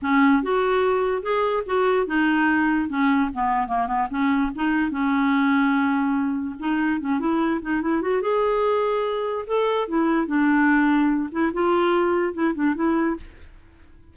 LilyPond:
\new Staff \with { instrumentName = "clarinet" } { \time 4/4 \tempo 4 = 146 cis'4 fis'2 gis'4 | fis'4 dis'2 cis'4 | b4 ais8 b8 cis'4 dis'4 | cis'1 |
dis'4 cis'8 e'4 dis'8 e'8 fis'8 | gis'2. a'4 | e'4 d'2~ d'8 e'8 | f'2 e'8 d'8 e'4 | }